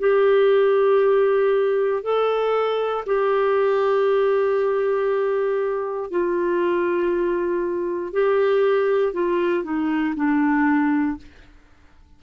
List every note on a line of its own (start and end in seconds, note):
0.00 2.03 G4
2.03 3.05 A4
3.06 6.11 G4
6.11 8.14 F4
8.14 9.13 G4
9.13 9.64 F4
9.64 10.15 D#4
10.16 11.18 D4